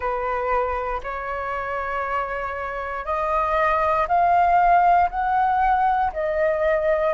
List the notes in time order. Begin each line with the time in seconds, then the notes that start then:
0.00 B4
1.03 C#5
3.05 D#5
4.07 F5
5.10 F#5
6.12 D#5